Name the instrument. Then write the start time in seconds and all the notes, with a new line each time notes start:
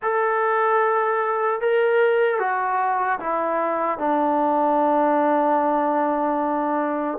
trombone
0.02 A4
1.60 A#4
2.39 F#4
3.19 E4
3.98 D4